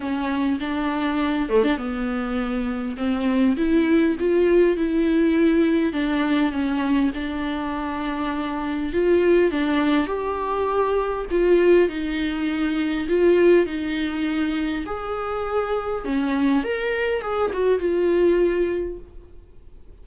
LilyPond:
\new Staff \with { instrumentName = "viola" } { \time 4/4 \tempo 4 = 101 cis'4 d'4. a16 d'16 b4~ | b4 c'4 e'4 f'4 | e'2 d'4 cis'4 | d'2. f'4 |
d'4 g'2 f'4 | dis'2 f'4 dis'4~ | dis'4 gis'2 cis'4 | ais'4 gis'8 fis'8 f'2 | }